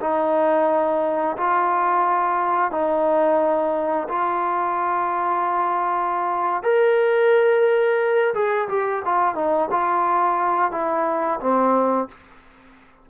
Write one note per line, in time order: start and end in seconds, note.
0.00 1.36 D#4
1.37 2.71 F4
2.71 4.08 D#4
4.08 6.63 F4
6.63 8.33 A#4
8.34 8.68 G#4
8.68 9.02 G4
9.05 9.35 F4
9.35 9.69 D#4
9.71 10.71 F4
10.71 11.39 E4
11.40 12.08 C4